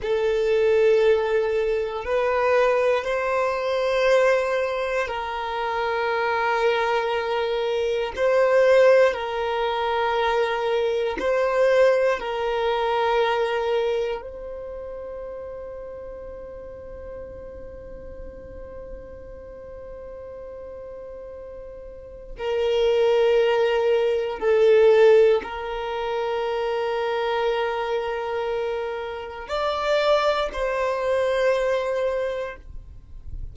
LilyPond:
\new Staff \with { instrumentName = "violin" } { \time 4/4 \tempo 4 = 59 a'2 b'4 c''4~ | c''4 ais'2. | c''4 ais'2 c''4 | ais'2 c''2~ |
c''1~ | c''2 ais'2 | a'4 ais'2.~ | ais'4 d''4 c''2 | }